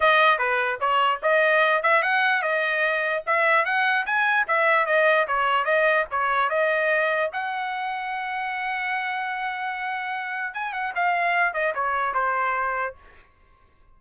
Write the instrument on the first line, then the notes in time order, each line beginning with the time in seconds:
trumpet
0.00 D#5
0.38 B4
0.80 C#5
1.22 D#5
1.82 E5
2.02 F#5
2.42 D#5
3.26 E5
3.65 F#5
4.05 G#5
4.47 E5
4.86 D#5
5.27 C#5
5.64 D#5
6.11 C#5
6.49 D#5
7.32 F#5
10.54 G#5
10.72 F#5
10.95 F5
11.53 D#5
11.75 C#5
12.14 C5